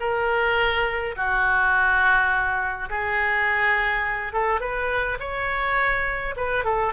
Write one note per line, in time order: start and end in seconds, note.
0.00 1.15 A#4
1.16 2.90 F#4
2.90 4.33 G#4
4.33 4.60 A4
4.60 5.18 B4
5.19 6.35 C#5
6.36 6.65 B4
6.65 6.93 A4